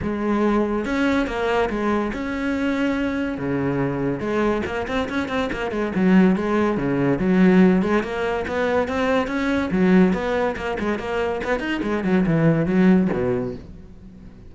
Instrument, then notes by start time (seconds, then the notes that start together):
cello
0.02 G#3
0.85 C#4
1.27 A#3
1.69 G#3
2.13 C#4
3.38 C#3
4.19 G#3
4.65 A#3
4.87 C4
5.09 C#4
5.28 C4
5.52 A#3
5.71 G#3
5.95 F#3
6.36 G#3
6.77 C#3
7.19 F#3
7.82 G#3
8.03 A#3
8.47 B3
8.88 C4
9.27 C#4
9.71 F#3
10.13 B3
10.56 A#3
10.79 G#3
10.98 A#3
11.44 B3
11.59 D#4
11.83 G#3
12.04 F#3
12.26 E3
12.65 F#3
13.12 B2